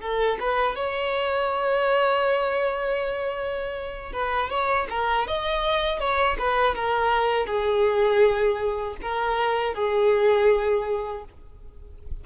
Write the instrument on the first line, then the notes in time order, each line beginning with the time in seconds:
violin
0.00 A4
0.39 B4
0.75 C#5
4.12 B4
4.50 C#5
4.90 A#4
5.27 D#5
5.99 C#5
6.38 B4
6.75 A#4
7.46 G#4
9.02 A#4
9.74 G#4